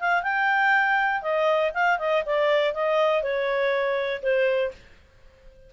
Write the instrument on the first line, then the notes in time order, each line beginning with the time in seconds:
clarinet
0.00 F5
0.23 G5
1.22 D#5
1.74 F5
1.99 D#5
2.26 D5
2.75 D#5
3.23 C#5
4.23 C5